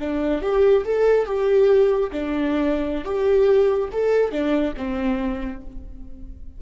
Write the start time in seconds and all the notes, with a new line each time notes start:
0.00 D4
0.42 G4
0.85 A4
1.26 G4
2.12 D4
3.05 G4
3.93 A4
4.32 D4
4.77 C4